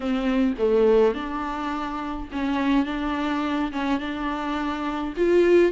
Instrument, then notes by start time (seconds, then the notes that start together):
viola
0.00 C4
0.58 A3
1.14 D4
2.31 C#4
2.85 D4
3.72 C#4
3.99 D4
5.16 F4